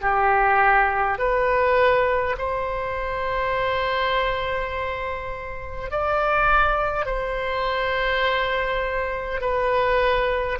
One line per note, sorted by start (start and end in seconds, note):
0.00 1.18 G4
1.18 2.35 B4
2.38 5.90 C5
5.90 7.05 D5
7.05 9.41 C5
9.41 10.58 B4